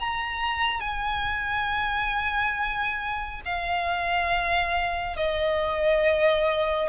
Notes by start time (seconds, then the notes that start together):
0.00 A#5
0.81 G#5
3.45 F5
5.17 D#5